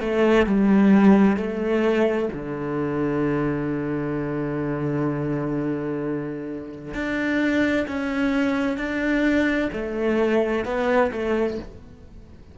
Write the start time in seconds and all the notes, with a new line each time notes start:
0.00 A3
0.46 G3
1.37 A3
2.33 D3
6.94 D4
7.88 C#4
8.77 D4
9.73 A3
10.65 B3
11.12 A3